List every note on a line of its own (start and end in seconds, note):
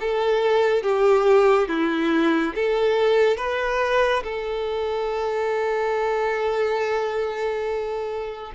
0.00 0.83 A4
0.83 1.68 G4
1.68 2.54 E4
2.55 3.37 A4
3.37 4.23 B4
4.24 8.52 A4